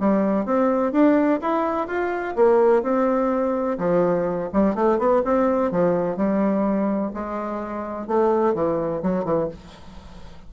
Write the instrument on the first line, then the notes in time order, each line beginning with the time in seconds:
bassoon
0.00 G3
0.45 C4
0.92 D4
1.42 E4
1.88 F4
2.36 A#3
2.83 C4
3.79 F3
4.53 G3
4.75 A3
4.99 B3
5.25 C4
5.72 F3
6.17 G3
7.14 G#3
8.08 A3
8.55 E3
9.03 F#3
9.25 E3